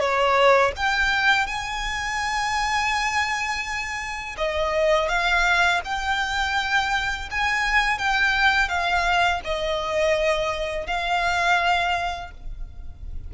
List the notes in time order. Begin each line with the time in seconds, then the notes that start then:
0.00 C#5
0.77 G5
1.47 G#5
4.38 D#5
5.09 F5
5.85 G5
7.31 G#5
7.98 G5
8.69 F5
9.44 D#5
10.87 F5